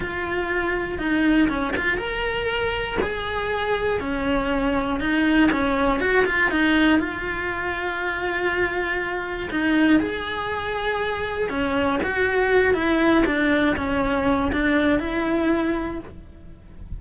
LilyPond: \new Staff \with { instrumentName = "cello" } { \time 4/4 \tempo 4 = 120 f'2 dis'4 cis'8 f'8 | ais'2 gis'2 | cis'2 dis'4 cis'4 | fis'8 f'8 dis'4 f'2~ |
f'2. dis'4 | gis'2. cis'4 | fis'4. e'4 d'4 cis'8~ | cis'4 d'4 e'2 | }